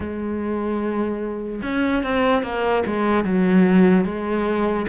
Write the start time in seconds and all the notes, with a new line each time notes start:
0.00 G#3
1.62 C#4
2.03 C4
2.43 A#3
2.86 G#3
3.24 F#3
4.04 G#3